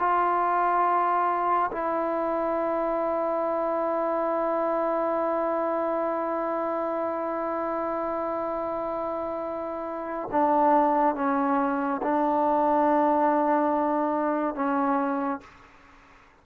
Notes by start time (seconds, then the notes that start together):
0.00 F4
1.73 E4
10.32 D4
11.16 C#4
12.03 D4
14.56 C#4